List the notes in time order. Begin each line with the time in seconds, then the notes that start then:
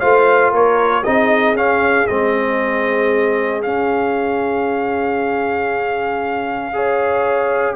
0.00 A3 F4 C5 F5
0.52 A#3 A#4 C#5
1.04 C4 D#4 G#4 D#5
1.54 C#4 F5
2.07 G#3 C4 D#5
3.63 C#4 F5
6.74 G#4 C#5